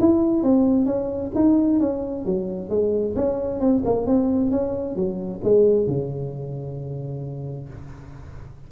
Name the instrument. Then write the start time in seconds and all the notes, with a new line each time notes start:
tuba
0.00 E4
0.43 C4
0.86 C#4
1.35 D#4
1.80 C#4
2.25 F#3
2.69 G#3
3.16 C#4
3.60 C4
3.85 A#3
4.06 C4
4.51 C#4
4.95 F#3
5.44 G#3
5.87 C#3